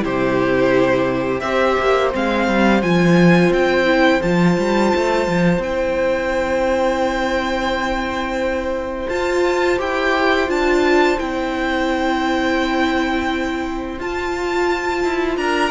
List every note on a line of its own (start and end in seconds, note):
0.00 1.41 C3
0.00 1.40 E4
0.00 1.43 G4
0.00 1.40 C5
1.40 1.76 C4
1.40 2.12 G4
1.40 15.40 C5
1.40 2.10 E5
1.79 2.14 A#3
2.12 2.48 G#3
2.12 2.82 C4
2.12 2.83 F5
2.48 2.83 G3
2.82 3.50 F3
2.82 3.85 F4
2.82 3.52 G#5
3.50 4.20 C4
3.50 4.22 G5
3.85 4.20 E4
4.22 4.58 F3
4.22 5.62 F4
4.22 5.62 A5
4.58 4.93 G3
4.96 5.27 A3
5.27 5.58 F3
5.58 9.07 C4
5.58 9.10 E4
5.58 9.09 G5
9.09 9.79 F4
9.09 9.78 F4
9.09 9.79 A5
9.78 10.49 E4
9.78 10.47 G4
9.78 10.50 G5
10.47 11.18 D4
10.47 11.17 F4
10.47 11.19 A5
11.19 13.99 C4
11.19 13.98 E4
11.19 13.98 G5
13.99 15.04 F4
13.99 15.72 F4
13.99 15.37 A5
15.04 15.37 E4
15.37 15.72 D4
15.37 15.72 A#4
15.37 15.72 A#5